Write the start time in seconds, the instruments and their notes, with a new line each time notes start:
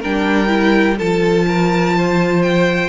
0.00 cello G3, viola D4, violin A#4 G5
0.47 viola E4
0.97 cello F3, viola F4, violin A4 A5
1.48 violin A#4
1.97 violin C5
2.42 violin G5